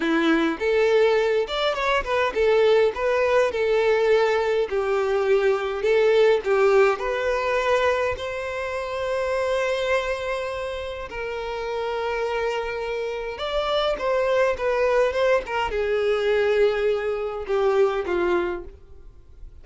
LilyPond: \new Staff \with { instrumentName = "violin" } { \time 4/4 \tempo 4 = 103 e'4 a'4. d''8 cis''8 b'8 | a'4 b'4 a'2 | g'2 a'4 g'4 | b'2 c''2~ |
c''2. ais'4~ | ais'2. d''4 | c''4 b'4 c''8 ais'8 gis'4~ | gis'2 g'4 f'4 | }